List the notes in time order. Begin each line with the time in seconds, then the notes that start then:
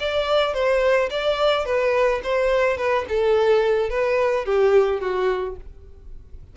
0.00 D5
0.54 C5
1.11 D5
1.66 B4
2.24 C5
2.78 B4
3.09 A4
3.90 B4
4.46 G4
5.01 F#4